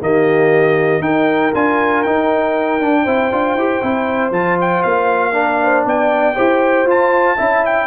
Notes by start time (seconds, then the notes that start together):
0.00 D#3 A#3 G4 D#5
1.00 D#4 A#4 G5
1.54 D4 F4 G#5
2.03 D#4 G5
2.80 D4
3.03 C4 E4 C5
3.32 D4 F4
3.55 E4 G4
3.82 C4 E4
4.31 F3 F4 A5
4.61 G5
4.83 A#3 F5
5.32 D4 A#4
5.62 C5
5.85 B3 D5 G5
6.35 E4 G4 C5
6.85 F4 A5
7.37 C#4 E4 E5
7.65 G5